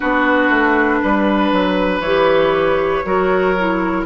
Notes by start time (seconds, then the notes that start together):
0.00 B3 D4 F#4 B4
0.49 A3
1.02 G3 B4
1.52 F#3
2.00 E3 G4 C#5
3.04 F#3 F#4 A#4
3.58 E4